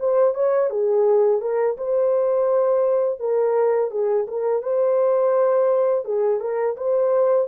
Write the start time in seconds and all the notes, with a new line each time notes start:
0.00 C5
0.35 C#5
0.70 G#4
1.42 A#4
1.77 C5
3.20 A#4
3.91 G#4
4.28 A#4
4.63 C5
6.05 G#4
6.41 A#4
6.77 C5